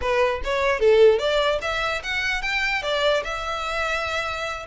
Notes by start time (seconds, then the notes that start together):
0.01 B4
0.44 C#5
0.79 A4
1.18 D5
1.61 E5
2.03 F#5
2.41 G5
2.82 D5
3.24 E5